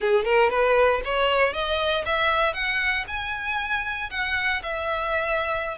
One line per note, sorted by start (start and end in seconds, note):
0.00 0.24 G#4
0.24 0.50 A#4
0.50 1.01 B4
1.04 1.53 C#5
1.53 2.04 D#5
2.05 2.53 E5
2.53 3.04 F#5
3.07 4.10 G#5
4.10 4.62 F#5
4.62 5.77 E5